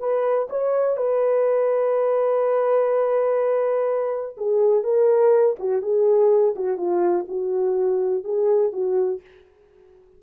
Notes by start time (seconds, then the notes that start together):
0.00 B4
0.50 C#5
0.98 B4
4.38 G#4
4.84 A#4
5.60 F#4
5.83 G#4
6.56 F#4
6.78 F4
7.29 F#4
8.25 G#4
8.73 F#4